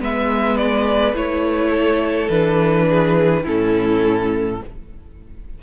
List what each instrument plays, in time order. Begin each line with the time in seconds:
0.00 cello G#3, viola B3, violin B4 E5
0.57 violin D5
1.14 cello A3, viola E4, violin C#5
1.71 violin A4
2.30 cello E3, viola D4, violin B4
2.90 violin G#4
3.44 cello A2, viola C#4, violin E4 A4